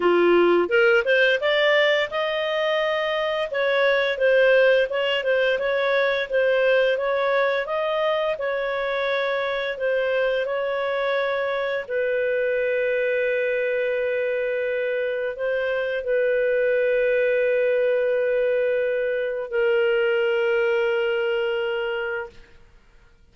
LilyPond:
\new Staff \with { instrumentName = "clarinet" } { \time 4/4 \tempo 4 = 86 f'4 ais'8 c''8 d''4 dis''4~ | dis''4 cis''4 c''4 cis''8 c''8 | cis''4 c''4 cis''4 dis''4 | cis''2 c''4 cis''4~ |
cis''4 b'2.~ | b'2 c''4 b'4~ | b'1 | ais'1 | }